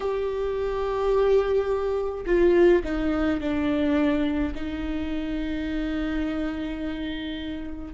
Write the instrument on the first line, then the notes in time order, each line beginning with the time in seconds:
viola
0.00 G4
2.26 F4
2.84 D#4
3.40 D4
4.54 D#4